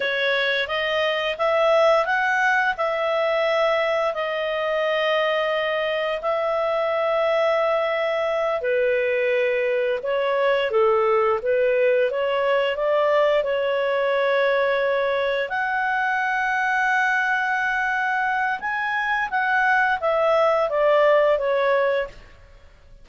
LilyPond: \new Staff \with { instrumentName = "clarinet" } { \time 4/4 \tempo 4 = 87 cis''4 dis''4 e''4 fis''4 | e''2 dis''2~ | dis''4 e''2.~ | e''8 b'2 cis''4 a'8~ |
a'8 b'4 cis''4 d''4 cis''8~ | cis''2~ cis''8 fis''4.~ | fis''2. gis''4 | fis''4 e''4 d''4 cis''4 | }